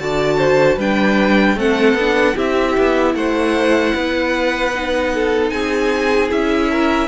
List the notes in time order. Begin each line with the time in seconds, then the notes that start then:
0.00 D3 F#4 D5 A5
0.38 C5
0.77 G3 D4 B4 G5
1.56 A3 C4 A4 F#5
1.95 B3 D4
2.36 C4 E4 G4 E5
2.78 B3
3.15 A3 C5 F#5
3.95 B3 B4
4.74 D#4
5.15 A4
5.50 C4 G#4 G#5
6.29 C#4 E4 E5
6.71 A#4